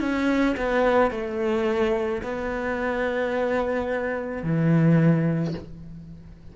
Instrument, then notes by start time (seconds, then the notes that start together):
cello
0.00 C#4
0.57 B3
1.11 A3
2.23 B3
4.43 E3